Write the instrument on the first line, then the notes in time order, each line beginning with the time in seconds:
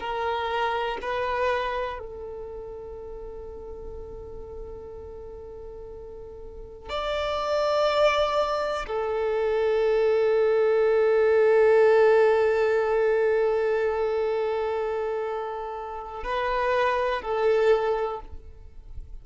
violin
0.00 A#4
1.01 B4
1.99 A4
6.89 D5
8.87 A4
16.23 B4
17.22 A4